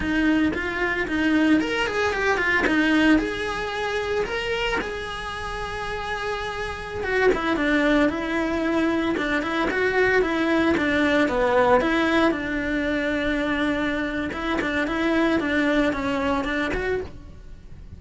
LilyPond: \new Staff \with { instrumentName = "cello" } { \time 4/4 \tempo 4 = 113 dis'4 f'4 dis'4 ais'8 gis'8 | g'8 f'8 dis'4 gis'2 | ais'4 gis'2.~ | gis'4~ gis'16 fis'8 e'8 d'4 e'8.~ |
e'4~ e'16 d'8 e'8 fis'4 e'8.~ | e'16 d'4 b4 e'4 d'8.~ | d'2. e'8 d'8 | e'4 d'4 cis'4 d'8 fis'8 | }